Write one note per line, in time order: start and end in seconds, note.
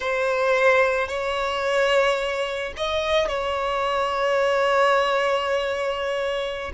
0.00 1.08 C5
1.08 2.73 C#5
2.76 3.28 D#5
3.28 6.72 C#5